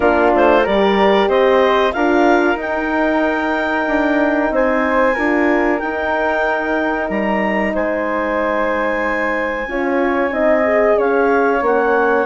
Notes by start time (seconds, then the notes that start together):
0.00 A#3 D4 F4 A#4
0.35 A3 C5
0.63 G3 G4 A#4 D5
1.28 C4 C5 D#5
1.92 D4 F4 A#4 F5
2.55 D#4 G5
3.87 D4
4.50 C4 C5 G#5
5.14 D4 F4 A#4
5.79 D#4 G5
7.09 G3 A#5
7.74 G#3 C5 G#5
9.67 C#4 F4 C#5
10.30 C4 D#4 D#5
10.63 G#4
10.97 C#4 C#5 F5
11.61 A#3 C#4 F#5